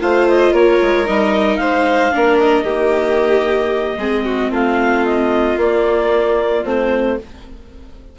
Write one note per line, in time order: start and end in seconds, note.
0.00 0.52 A3
0.00 1.06 F4
0.00 0.53 C5
0.00 0.28 F5
0.28 0.54 D#5
0.52 0.79 A#3
0.52 1.59 A#4
0.52 1.07 C#5
0.82 1.08 G#3
1.06 1.58 G3
1.06 2.12 D#4
1.06 1.57 D#5
1.57 2.11 G#3
1.57 2.14 C5
1.57 2.36 F5
2.12 2.63 A#3
2.12 2.65 D4
2.12 2.64 A#4
2.39 4.52 D#5
2.63 3.95 D#3
2.63 3.99 A#3
2.63 3.96 G4
3.97 4.50 G#3
3.97 5.58 C4
3.97 4.25 G#4
4.25 4.51 F#4
4.50 5.57 A3
4.50 7.17 F4
4.50 5.05 F5
5.05 5.58 D#5
5.57 6.63 A#3
5.57 6.64 A#3
5.57 6.65 D5
6.64 7.18 A3
6.64 7.17 C4
6.64 7.18 C5